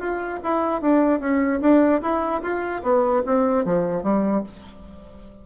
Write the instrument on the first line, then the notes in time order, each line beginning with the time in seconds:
bassoon
0.00 F4
0.44 E4
0.82 D4
1.20 C#4
1.62 D4
2.02 E4
2.43 F4
2.83 B3
3.26 C4
3.65 F3
4.04 G3